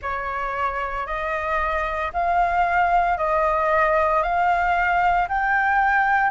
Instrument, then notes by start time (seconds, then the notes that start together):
flute
0.01 C#5
1.06 D#5
2.13 F5
3.17 D#5
4.22 F5
5.28 G5